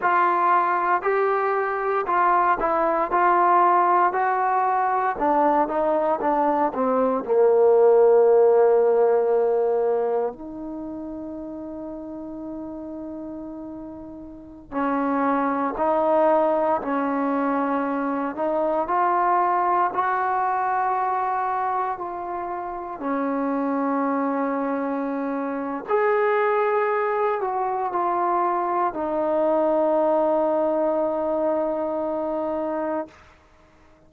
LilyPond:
\new Staff \with { instrumentName = "trombone" } { \time 4/4 \tempo 4 = 58 f'4 g'4 f'8 e'8 f'4 | fis'4 d'8 dis'8 d'8 c'8 ais4~ | ais2 dis'2~ | dis'2~ dis'16 cis'4 dis'8.~ |
dis'16 cis'4. dis'8 f'4 fis'8.~ | fis'4~ fis'16 f'4 cis'4.~ cis'16~ | cis'4 gis'4. fis'8 f'4 | dis'1 | }